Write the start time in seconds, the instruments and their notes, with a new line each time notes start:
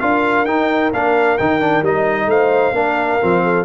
0.00 tuba D4, trombone F4, horn A#4, trumpet F5
0.45 tuba D#4, trombone D#4, trumpet G5
0.93 tuba A#3, trombone D4, trumpet F5
1.38 tuba D#3, trombone D#4, trumpet G5
1.61 trombone D4
1.82 tuba G3, trombone D#4, trumpet D#5
2.26 tuba A3, horn C5, trumpet F5
2.73 tuba A#3, trombone D4, horn A#4
3.21 tuba F3, trombone C4
3.44 horn A4